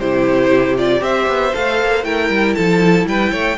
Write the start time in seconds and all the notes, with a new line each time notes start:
0.00 C3 E4 G4 C5
0.78 F4 D5
1.00 C4 G4 C5 E5
1.28 B3
1.54 A3 A4 F5
1.82 A#3
2.04 A3 E4 A#4 G5
2.30 G3
2.55 F3 A4 A5
3.06 G3 B4 G5
3.32 A3 C#5